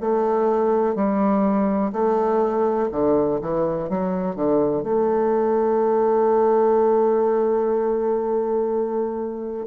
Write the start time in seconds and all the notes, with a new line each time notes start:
0.00 A3
0.95 G3
1.93 A3
2.92 D3
3.41 E3
3.89 F#3
4.35 D3
4.83 A3